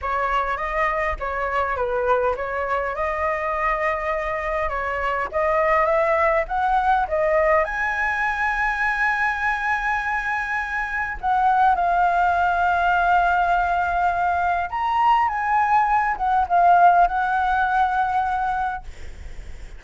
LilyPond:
\new Staff \with { instrumentName = "flute" } { \time 4/4 \tempo 4 = 102 cis''4 dis''4 cis''4 b'4 | cis''4 dis''2. | cis''4 dis''4 e''4 fis''4 | dis''4 gis''2.~ |
gis''2. fis''4 | f''1~ | f''4 ais''4 gis''4. fis''8 | f''4 fis''2. | }